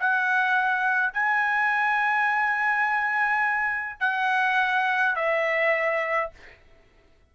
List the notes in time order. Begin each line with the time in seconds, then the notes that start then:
0.00 F#5
1.14 G#5
4.01 F#5
5.16 E5